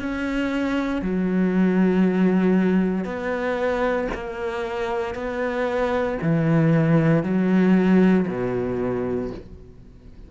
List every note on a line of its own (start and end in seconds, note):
0.00 1.03 C#4
1.03 3.05 F#3
3.05 4.08 B3
4.14 5.15 A#3
5.15 6.18 B3
6.22 7.24 E3
7.24 8.27 F#3
8.28 9.31 B2